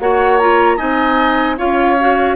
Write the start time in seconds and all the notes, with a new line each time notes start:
0.00 A#3 F#4 C#5 F#5
0.39 F4 A#5
0.77 C4 D#4 D#5 G#5
1.58 C#4 F4 C#5 F5
2.00 F#4